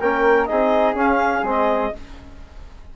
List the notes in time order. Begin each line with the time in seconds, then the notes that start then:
0.00 A#3 C#4 A#4 G5
0.45 C4 D#4 G#4 D#5
0.95 C#4 F5
1.43 G#3 C4 D#5